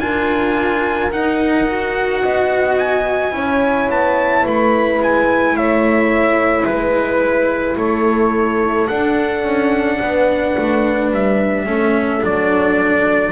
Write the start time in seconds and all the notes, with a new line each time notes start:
0.00 D4 F4 A#4 G#5
1.12 D#4 F#5
1.68 F#4
2.23 B3 D#5
2.79 G#5
3.31 C#4 E4 C#5
3.88 B3 A5
4.44 A3 B4 B5
4.99 G#3 G#5
5.53 A3 C#5 E5
6.65 G#3 B4
7.76 A3 A4 C#5
8.87 D4 F#5
9.43 C#4
10.00 B3 B4
10.57 A3
11.11 G3 E5
11.66 A3 C#4 A4
12.21 F#3 D4 D5